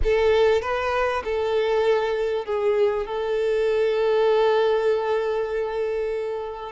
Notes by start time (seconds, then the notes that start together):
0.03 A4
0.61 B4
1.24 A4
2.45 G#4
3.06 A4